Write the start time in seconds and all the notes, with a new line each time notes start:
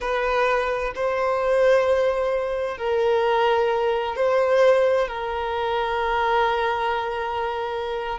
0.00 B4
0.95 C5
2.77 A#4
4.16 C5
5.08 A#4